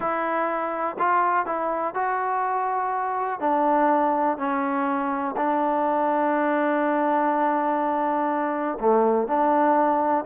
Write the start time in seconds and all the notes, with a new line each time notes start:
0.00 E4
0.99 F4
1.46 E4
1.94 F#4
3.40 D4
4.37 C#4
5.36 D4
8.80 A3
9.27 D4